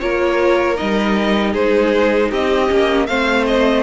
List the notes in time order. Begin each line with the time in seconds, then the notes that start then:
0.00 A#3 F4 A#4 C#5
0.76 G3 D#4 D#5
1.52 G#3 G#4 C5
2.30 C4 G4 D#5
2.68 A#3 C#4
3.06 A3 C4 C5 F5
3.47 D#5